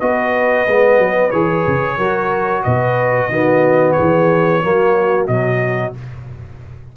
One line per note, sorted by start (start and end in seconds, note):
0.00 0.67 B3
0.00 0.67 F#4
0.00 1.98 B4
0.00 1.31 D#5
0.67 0.99 G#3
0.67 1.33 B3
0.99 1.32 F#3
1.31 1.65 E3
1.31 1.99 G#4
1.31 2.63 C#5
1.67 1.98 C#3
1.98 2.64 F#3
1.98 3.31 F#4
1.98 2.63 A#4
2.63 3.30 B2
2.63 3.30 B4
2.63 3.92 D#5
3.30 3.95 D#3
3.30 4.63 B3
3.30 3.96 F#4
3.92 4.63 G#4
3.92 5.24 C#5
4.00 4.64 E3
4.63 5.28 F#3
4.63 5.29 A#3
4.63 5.97 F#4
5.27 5.94 B2
5.27 5.95 F#3
5.27 5.93 D#5